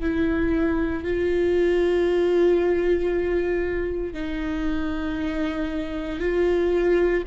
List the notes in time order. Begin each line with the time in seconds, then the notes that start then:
0.00 E4
1.03 F4
4.13 D#4
6.19 F4